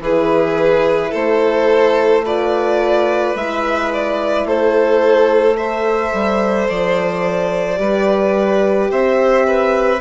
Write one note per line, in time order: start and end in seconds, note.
0.00 1.11 E3
0.00 2.25 E4
0.00 1.11 G#4
0.00 1.14 B4
1.11 3.35 A3
1.11 2.22 A4
1.11 2.25 C5
2.25 3.37 F4
2.25 4.47 B4
2.25 3.36 D5
3.35 4.45 G#3
3.35 5.56 E4
3.35 3.92 E5
3.93 4.48 D5
4.45 6.12 A3
4.45 5.57 A4
4.45 5.57 C5
5.56 7.76 A4
5.56 7.79 C5
5.56 6.68 E5
6.13 6.69 G3
6.69 7.79 F3
6.69 8.91 D5
7.76 8.91 G3
7.76 9.99 G4
7.76 8.91 B4
8.91 10.01 C4
8.91 9.46 C5
8.91 10.01 E5
9.47 10.01 B4